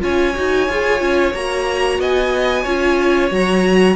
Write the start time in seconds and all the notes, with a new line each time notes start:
0.00 C#4 F4 C#5 G#5
0.35 D#4 F#4
0.68 F4 G#4
0.99 C#4 F4
1.34 A#3 F#4 A#5
1.99 B3 D#5 G#5
2.62 C#4 F4 C#5
3.30 F#3 F#4 A#5